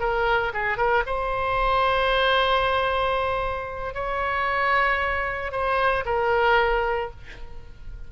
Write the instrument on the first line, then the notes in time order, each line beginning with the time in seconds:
oboe
0.00 A#4
0.54 G#4
0.77 A#4
1.06 C5
3.94 C#5
5.52 C5
6.05 A#4